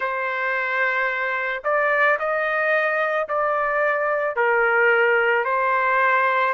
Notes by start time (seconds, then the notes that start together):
0.00 C5
1.64 D5
2.19 D#5
3.28 D5
4.36 A#4
5.44 C5